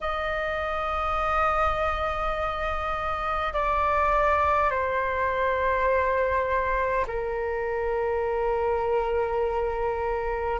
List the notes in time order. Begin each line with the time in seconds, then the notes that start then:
0.00 D#5
3.53 D5
4.70 C5
7.07 A#4